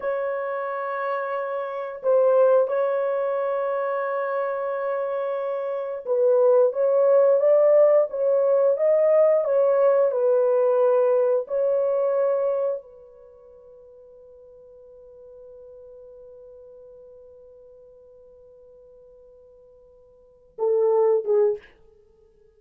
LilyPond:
\new Staff \with { instrumentName = "horn" } { \time 4/4 \tempo 4 = 89 cis''2. c''4 | cis''1~ | cis''4 b'4 cis''4 d''4 | cis''4 dis''4 cis''4 b'4~ |
b'4 cis''2 b'4~ | b'1~ | b'1~ | b'2~ b'8 a'4 gis'8 | }